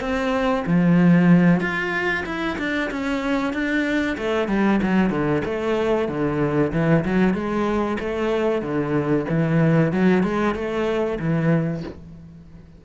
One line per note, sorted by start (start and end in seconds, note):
0.00 0.64 C4
0.66 1.60 F3
1.60 2.24 F4
2.25 2.57 E4
2.58 2.90 D4
2.91 3.53 C#4
3.53 4.17 D4
4.17 4.48 A3
4.48 4.80 G3
4.82 5.10 F#3
5.10 5.42 D3
5.45 6.08 A3
6.08 6.72 D3
6.72 7.04 E3
7.04 7.33 F#3
7.33 7.97 G#3
7.99 8.61 A3
8.61 9.25 D3
9.29 9.92 E3
9.92 10.23 F#3
10.23 10.54 G#3
10.54 11.18 A3
11.19 11.83 E3